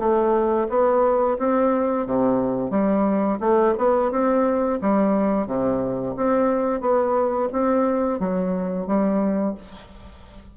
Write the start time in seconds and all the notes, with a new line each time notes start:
0.00 A3
0.70 B3
1.39 C4
2.07 C3
2.71 G3
3.41 A3
3.79 B3
4.12 C4
4.82 G3
5.47 C3
6.17 C4
6.81 B3
7.53 C4
8.20 F#3
8.87 G3